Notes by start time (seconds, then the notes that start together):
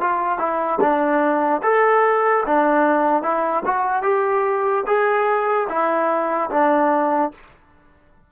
0.00 F4
0.38 E4
0.80 D4
1.62 A4
2.46 D4
3.22 E4
3.65 F#4
4.02 G4
4.86 G#4
5.69 E4
6.50 D4